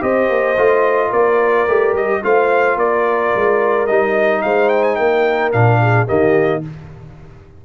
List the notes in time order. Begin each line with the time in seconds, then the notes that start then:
0.00 C4 G4 C5 D#5
0.29 A#3
0.57 A3 F4
1.09 A#3 A#4 D5
1.67 A3 G4
1.93 G3 D#5
2.22 A3 F4 C5 F5
2.76 A#3 A#4 D5
3.35 G#3
3.86 G3 D#4 D#5
4.42 G#3 C5 F5
4.69 G5
4.83 G#5
4.95 A#3 A#4 G5
5.52 A#2 D4 F5
5.81 G#4
6.06 D#3 A#3 G4 D#5